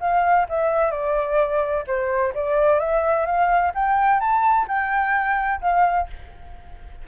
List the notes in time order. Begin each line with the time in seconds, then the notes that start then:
0.00 F5
0.49 E5
0.91 D5
1.87 C5
2.35 D5
2.79 E5
3.26 F5
3.74 G5
4.20 A5
4.68 G5
5.61 F5